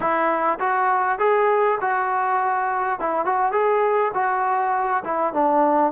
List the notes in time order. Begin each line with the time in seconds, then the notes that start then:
0.00 E4
0.59 F#4
1.19 G#4
1.80 F#4
2.99 E4
3.25 F#4
3.52 G#4
4.14 F#4
5.04 E4
5.33 D4